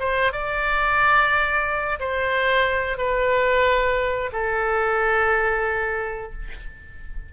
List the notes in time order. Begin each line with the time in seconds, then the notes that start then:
0.00 C5
0.33 D5
2.00 C5
2.98 B4
4.33 A4